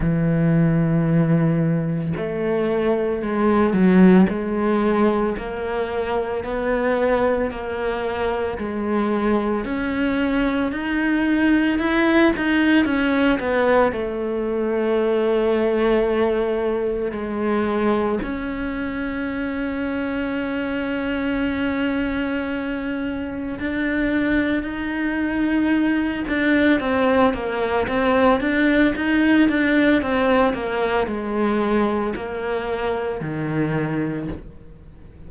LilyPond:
\new Staff \with { instrumentName = "cello" } { \time 4/4 \tempo 4 = 56 e2 a4 gis8 fis8 | gis4 ais4 b4 ais4 | gis4 cis'4 dis'4 e'8 dis'8 | cis'8 b8 a2. |
gis4 cis'2.~ | cis'2 d'4 dis'4~ | dis'8 d'8 c'8 ais8 c'8 d'8 dis'8 d'8 | c'8 ais8 gis4 ais4 dis4 | }